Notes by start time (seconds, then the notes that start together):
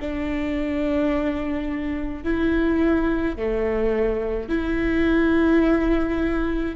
0.00 D4
2.24 E4
3.37 A3
4.49 E4